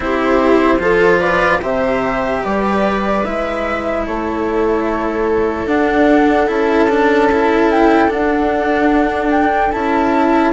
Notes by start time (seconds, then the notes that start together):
0.00 C4 E4 G4 C5
0.78 F3 F4 A4
1.19 B4 D5
1.61 C3 G4 C5 E5
2.41 G3 B4 D5
3.24 G#3 E4 E5
4.06 A3 A4 C#5
5.66 D4 F#5
6.47 C#4 E4 A5
6.89 D4
7.31 E4
7.71 G5
8.08 D4 F#5
9.31 G5
9.71 C#4 E4 A5